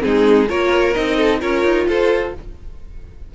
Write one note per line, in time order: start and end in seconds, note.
0.00 0.50 G#3
0.00 0.46 C4
0.00 0.48 D#4
0.00 0.49 G#4
0.48 0.96 A#3
0.48 0.95 F4
0.48 1.17 A#4
0.48 0.94 C#5
0.94 1.42 C4
0.94 1.41 D#4
0.94 1.40 D#5
1.17 1.40 A4
1.41 1.64 C#4
1.41 2.33 F4
1.41 1.87 A#4
1.41 1.88 C#5
1.64 1.87 D#4
1.88 2.34 F4
1.88 2.35 A4
1.88 2.35 C5